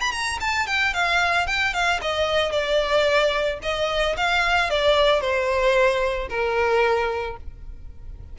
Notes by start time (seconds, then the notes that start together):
0.00 B5
0.11 A#5
0.40 A5
0.66 G5
0.94 F5
1.47 G5
1.73 F5
2.01 D#5
2.51 D5
3.62 D#5
4.16 F5
4.70 D5
5.21 C5
6.29 A#4